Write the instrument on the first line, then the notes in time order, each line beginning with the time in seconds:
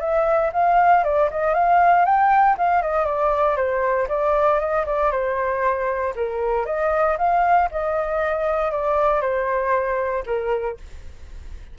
flute
0.00 E5
0.53 F5
1.04 D5
1.31 D#5
1.54 F5
2.05 G5
2.58 F5
2.82 D#5
3.05 D5
3.56 C5
4.08 D5
4.59 D#5
4.86 D5
5.11 C5
6.16 A#4
6.66 D#5
7.18 F5
7.71 D#5
8.71 D5
9.21 C5
10.26 A#4